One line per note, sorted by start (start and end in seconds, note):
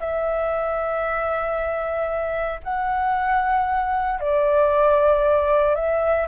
0.00 2.61 E5
2.64 4.20 F#5
4.20 5.75 D5
5.75 6.28 E5